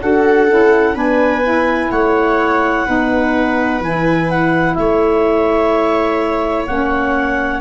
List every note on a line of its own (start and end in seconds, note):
0.00 0.49 D4
0.00 0.48 F#4
0.00 0.94 A4
0.00 0.96 F#5
0.49 0.95 C#4
0.49 0.94 E4
0.94 1.90 B3
0.94 1.42 D4
0.94 1.89 B4
0.94 1.91 G#5
1.43 2.86 E4
1.91 2.86 A3
1.91 2.85 C#5
1.91 3.82 F#5
2.85 3.80 B3
2.85 3.81 D#4
2.85 4.76 B4
3.80 4.75 E3
3.80 6.67 E4
3.80 4.30 G#5
4.30 4.74 F#5
4.74 6.68 A3
4.74 7.61 C#5
4.74 6.65 E5
6.66 7.61 A#3
6.66 7.61 C#4
6.66 7.61 F#5